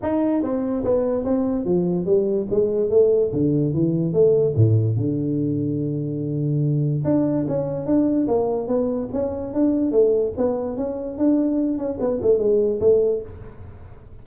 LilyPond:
\new Staff \with { instrumentName = "tuba" } { \time 4/4 \tempo 4 = 145 dis'4 c'4 b4 c'4 | f4 g4 gis4 a4 | d4 e4 a4 a,4 | d1~ |
d4 d'4 cis'4 d'4 | ais4 b4 cis'4 d'4 | a4 b4 cis'4 d'4~ | d'8 cis'8 b8 a8 gis4 a4 | }